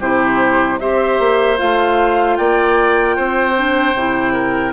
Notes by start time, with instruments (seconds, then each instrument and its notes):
0.00 bassoon C3, clarinet E4, oboe G4, flute C5
0.79 bassoon C4, clarinet G4, oboe C5, flute E5
1.19 bassoon A#3
1.57 bassoon A3, clarinet F4, flute F5
2.36 bassoon A#3, oboe D5, flute G5
3.16 bassoon C4, oboe C5
3.55 clarinet D4
3.94 bassoon C3, clarinet E4
4.33 oboe A#4